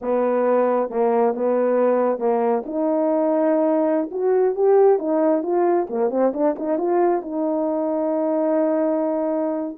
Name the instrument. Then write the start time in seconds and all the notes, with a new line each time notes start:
horn
0.01 B3
0.89 A#3
1.34 B3
2.19 A#3
2.65 D#4
4.11 F#4
4.55 G4
4.98 D#4
5.42 F4
5.89 A#3
6.10 C4
6.33 D4
6.58 D#4
6.78 F4
7.21 D#4